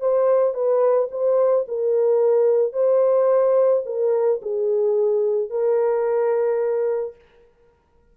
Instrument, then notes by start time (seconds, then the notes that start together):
horn
0.00 C5
0.54 B4
1.11 C5
1.68 A#4
2.73 C5
3.85 A#4
4.42 G#4
5.50 A#4